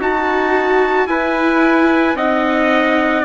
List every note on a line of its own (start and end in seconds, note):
0.00 1.07 D#4
0.00 1.09 F#4
0.00 1.08 F#4
0.00 1.08 A5
1.07 2.15 E4
1.07 2.17 E4
1.07 2.17 B4
1.07 2.17 G#5
2.15 3.24 C4
2.15 3.25 D#4
2.15 3.25 D#5
2.15 3.25 F#5